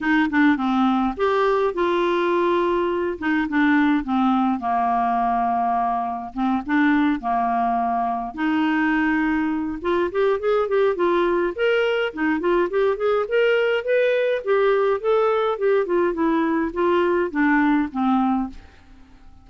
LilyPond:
\new Staff \with { instrumentName = "clarinet" } { \time 4/4 \tempo 4 = 104 dis'8 d'8 c'4 g'4 f'4~ | f'4. dis'8 d'4 c'4 | ais2. c'8 d'8~ | d'8 ais2 dis'4.~ |
dis'4 f'8 g'8 gis'8 g'8 f'4 | ais'4 dis'8 f'8 g'8 gis'8 ais'4 | b'4 g'4 a'4 g'8 f'8 | e'4 f'4 d'4 c'4 | }